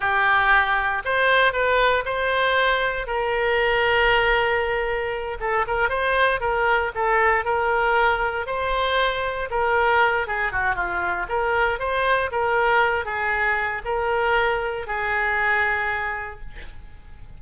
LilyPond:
\new Staff \with { instrumentName = "oboe" } { \time 4/4 \tempo 4 = 117 g'2 c''4 b'4 | c''2 ais'2~ | ais'2~ ais'8 a'8 ais'8 c''8~ | c''8 ais'4 a'4 ais'4.~ |
ais'8 c''2 ais'4. | gis'8 fis'8 f'4 ais'4 c''4 | ais'4. gis'4. ais'4~ | ais'4 gis'2. | }